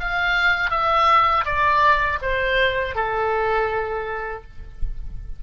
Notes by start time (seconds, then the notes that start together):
0.00 F5
0.70 E5
1.45 D5
2.22 C5
2.95 A4